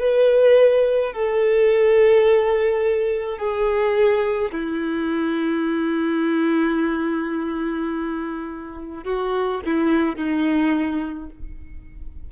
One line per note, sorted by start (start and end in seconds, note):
0.00 1.13 B4
1.13 3.39 A4
3.39 4.52 G#4
4.52 9.05 E4
9.05 9.61 F#4
9.66 10.17 E4
10.17 11.30 D#4